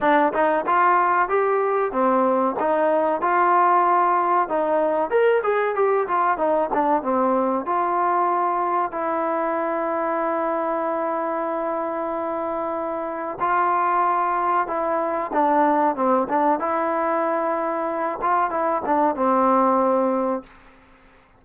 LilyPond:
\new Staff \with { instrumentName = "trombone" } { \time 4/4 \tempo 4 = 94 d'8 dis'8 f'4 g'4 c'4 | dis'4 f'2 dis'4 | ais'8 gis'8 g'8 f'8 dis'8 d'8 c'4 | f'2 e'2~ |
e'1~ | e'4 f'2 e'4 | d'4 c'8 d'8 e'2~ | e'8 f'8 e'8 d'8 c'2 | }